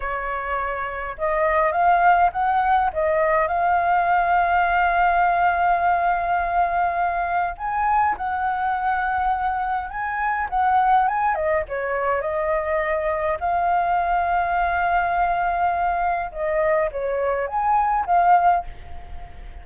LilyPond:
\new Staff \with { instrumentName = "flute" } { \time 4/4 \tempo 4 = 103 cis''2 dis''4 f''4 | fis''4 dis''4 f''2~ | f''1~ | f''4 gis''4 fis''2~ |
fis''4 gis''4 fis''4 gis''8 dis''8 | cis''4 dis''2 f''4~ | f''1 | dis''4 cis''4 gis''4 f''4 | }